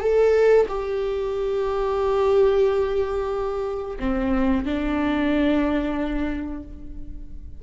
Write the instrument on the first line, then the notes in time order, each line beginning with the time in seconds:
viola
0.00 A4
0.68 G4
3.99 C4
4.65 D4